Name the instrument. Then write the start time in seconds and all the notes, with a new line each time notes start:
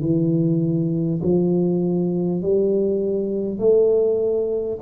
tuba
0.00 E3
1.22 F3
2.42 G3
3.58 A3